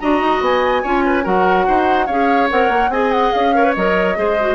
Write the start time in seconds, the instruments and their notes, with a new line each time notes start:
0.00 bassoon D4, clarinet F#4, oboe D#5, flute A#5
0.22 bassoon D#4
0.41 bassoon B3, flute G#5
0.83 bassoon C#4, clarinet F4, oboe C#5
1.06 oboe B4
1.24 bassoon F#3, clarinet F#4, oboe A#4, flute F#5
1.68 bassoon D#4, oboe C5
2.07 bassoon C#4, clarinet G#4, oboe C#5, flute F5
2.50 bassoon C4, clarinet A#4, flute F#5
2.70 bassoon A#3
2.89 bassoon C4, clarinet G#4, oboe D#5, flute G#5
3.12 flute F#5
3.32 bassoon C#4, flute F5
3.55 clarinet A#4, oboe C#5
3.64 clarinet B4
3.75 bassoon F#3, clarinet A#4, flute D#5
4.16 bassoon G#3, clarinet G#4, oboe C5
4.40 clarinet F#4